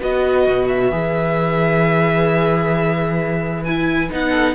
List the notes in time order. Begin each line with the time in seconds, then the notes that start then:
0.00 B3 F#4 B4 D#5
0.48 B2
0.69 E5
0.92 E3 G#4
3.64 E4 G#5
4.11 B3 D#4 F#5
4.30 A4